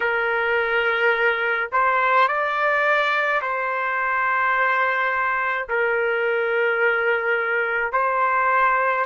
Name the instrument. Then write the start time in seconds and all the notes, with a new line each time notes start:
trumpet
0.00 A#4
1.72 C5
2.27 D5
3.41 C5
5.69 A#4
7.92 C5